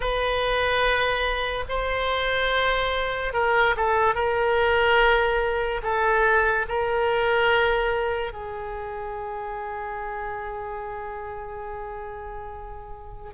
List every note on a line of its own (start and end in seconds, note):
0.00 1.64 B4
1.69 3.33 C5
3.33 3.75 A#4
3.76 4.14 A4
4.14 5.81 A#4
5.83 6.66 A4
6.68 8.33 A#4
8.33 13.33 G#4